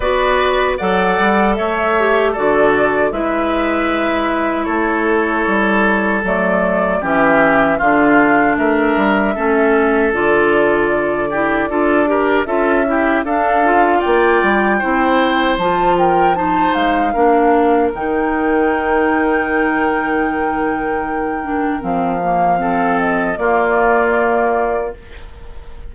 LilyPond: <<
  \new Staff \with { instrumentName = "flute" } { \time 4/4 \tempo 4 = 77 d''4 fis''4 e''4 d''4 | e''2 cis''2 | d''4 e''4 f''4 e''4~ | e''4 d''2. |
e''4 f''4 g''2 | a''8 g''8 a''8 f''4. g''4~ | g''1 | f''4. dis''8 d''2 | }
  \new Staff \with { instrumentName = "oboe" } { \time 4/4 b'4 d''4 cis''4 a'4 | b'2 a'2~ | a'4 g'4 f'4 ais'4 | a'2~ a'8 g'8 a'8 ais'8 |
a'8 g'8 a'4 d''4 c''4~ | c''8 ais'8 c''4 ais'2~ | ais'1~ | ais'4 a'4 f'2 | }
  \new Staff \with { instrumentName = "clarinet" } { \time 4/4 fis'4 a'4. g'8 fis'4 | e'1 | a4 cis'4 d'2 | cis'4 f'4. e'8 f'8 g'8 |
f'8 e'8 d'8 f'4. e'4 | f'4 dis'4 d'4 dis'4~ | dis'2.~ dis'8 d'8 | c'8 ais8 c'4 ais2 | }
  \new Staff \with { instrumentName = "bassoon" } { \time 4/4 b4 fis8 g8 a4 d4 | gis2 a4 g4 | fis4 e4 d4 a8 g8 | a4 d2 d'4 |
cis'4 d'4 ais8 g8 c'4 | f4. gis8 ais4 dis4~ | dis1 | f2 ais2 | }
>>